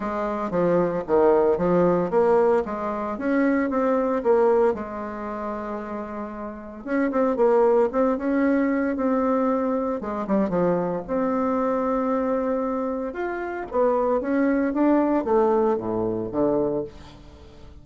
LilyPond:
\new Staff \with { instrumentName = "bassoon" } { \time 4/4 \tempo 4 = 114 gis4 f4 dis4 f4 | ais4 gis4 cis'4 c'4 | ais4 gis2.~ | gis4 cis'8 c'8 ais4 c'8 cis'8~ |
cis'4 c'2 gis8 g8 | f4 c'2.~ | c'4 f'4 b4 cis'4 | d'4 a4 a,4 d4 | }